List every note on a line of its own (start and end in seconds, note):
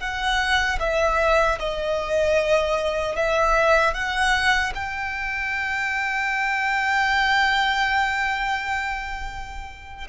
0.00 0.79 F#5
0.80 1.59 E5
1.59 3.16 D#5
3.16 3.94 E5
3.94 4.73 F#5
4.75 10.08 G5